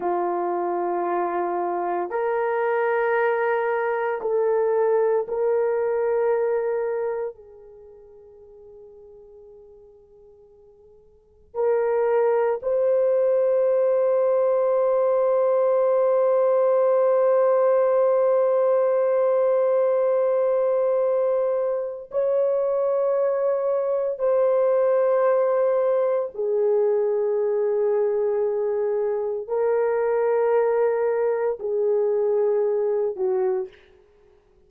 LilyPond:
\new Staff \with { instrumentName = "horn" } { \time 4/4 \tempo 4 = 57 f'2 ais'2 | a'4 ais'2 gis'4~ | gis'2. ais'4 | c''1~ |
c''1~ | c''4 cis''2 c''4~ | c''4 gis'2. | ais'2 gis'4. fis'8 | }